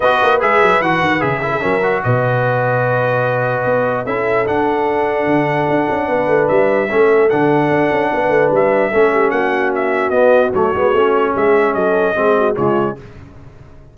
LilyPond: <<
  \new Staff \with { instrumentName = "trumpet" } { \time 4/4 \tempo 4 = 148 dis''4 e''4 fis''4 e''4~ | e''4 dis''2.~ | dis''2 e''4 fis''4~ | fis''1 |
e''2 fis''2~ | fis''4 e''2 fis''4 | e''4 dis''4 cis''2 | e''4 dis''2 cis''4 | }
  \new Staff \with { instrumentName = "horn" } { \time 4/4 b'2.~ b'8 ais'16 gis'16 | ais'4 b'2.~ | b'2 a'2~ | a'2. b'4~ |
b'4 a'2. | b'2 a'8 g'8 fis'4~ | fis'1 | gis'4 a'4 gis'8 fis'8 f'4 | }
  \new Staff \with { instrumentName = "trombone" } { \time 4/4 fis'4 gis'4 fis'4 gis'8 e'8 | cis'8 fis'2.~ fis'8~ | fis'2 e'4 d'4~ | d'1~ |
d'4 cis'4 d'2~ | d'2 cis'2~ | cis'4 b4 a8 b8 cis'4~ | cis'2 c'4 gis4 | }
  \new Staff \with { instrumentName = "tuba" } { \time 4/4 b8 ais8 gis8 fis8 e8 dis8 cis4 | fis4 b,2.~ | b,4 b4 cis'4 d'4~ | d'4 d4 d'8 cis'8 b8 a8 |
g4 a4 d4 d'8 cis'8 | b8 a8 g4 a4 ais4~ | ais4 b4 fis8 gis8 a4 | gis4 fis4 gis4 cis4 | }
>>